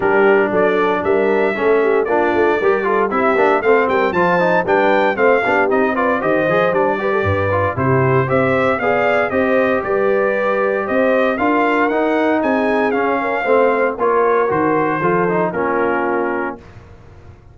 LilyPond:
<<
  \new Staff \with { instrumentName = "trumpet" } { \time 4/4 \tempo 4 = 116 ais'4 d''4 e''2 | d''2 e''4 f''8 g''8 | a''4 g''4 f''4 dis''8 d''8 | dis''4 d''2 c''4 |
e''4 f''4 dis''4 d''4~ | d''4 dis''4 f''4 fis''4 | gis''4 f''2 cis''4 | c''2 ais'2 | }
  \new Staff \with { instrumentName = "horn" } { \time 4/4 g'4 a'4 ais'4 a'8 g'8 | f'4 ais'8 a'8 g'4 a'8 ais'8 | c''4 b'4 c''8 g'4 b'8 | c''4. b'16 a'16 b'4 g'4 |
c''4 d''4 c''4 b'4~ | b'4 c''4 ais'2 | gis'4. ais'8 c''4 ais'4~ | ais'4 a'4 f'2 | }
  \new Staff \with { instrumentName = "trombone" } { \time 4/4 d'2. cis'4 | d'4 g'8 f'8 e'8 d'8 c'4 | f'8 dis'8 d'4 c'8 d'8 dis'8 f'8 | g'8 gis'8 d'8 g'4 f'8 e'4 |
g'4 gis'4 g'2~ | g'2 f'4 dis'4~ | dis'4 cis'4 c'4 f'4 | fis'4 f'8 dis'8 cis'2 | }
  \new Staff \with { instrumentName = "tuba" } { \time 4/4 g4 fis4 g4 a4 | ais8 a8 g4 c'8 ais8 a8 g8 | f4 g4 a8 b8 c'4 | dis8 f8 g4 g,4 c4 |
c'4 b4 c'4 g4~ | g4 c'4 d'4 dis'4 | c'4 cis'4 a4 ais4 | dis4 f4 ais2 | }
>>